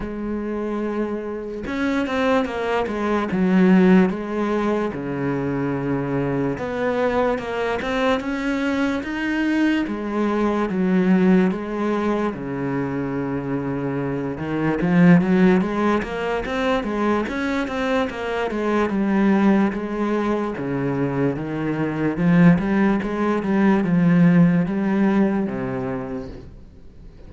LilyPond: \new Staff \with { instrumentName = "cello" } { \time 4/4 \tempo 4 = 73 gis2 cis'8 c'8 ais8 gis8 | fis4 gis4 cis2 | b4 ais8 c'8 cis'4 dis'4 | gis4 fis4 gis4 cis4~ |
cis4. dis8 f8 fis8 gis8 ais8 | c'8 gis8 cis'8 c'8 ais8 gis8 g4 | gis4 cis4 dis4 f8 g8 | gis8 g8 f4 g4 c4 | }